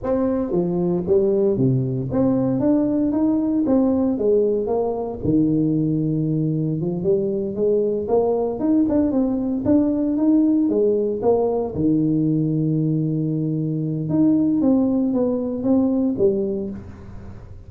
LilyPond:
\new Staff \with { instrumentName = "tuba" } { \time 4/4 \tempo 4 = 115 c'4 f4 g4 c4 | c'4 d'4 dis'4 c'4 | gis4 ais4 dis2~ | dis4 f8 g4 gis4 ais8~ |
ais8 dis'8 d'8 c'4 d'4 dis'8~ | dis'8 gis4 ais4 dis4.~ | dis2. dis'4 | c'4 b4 c'4 g4 | }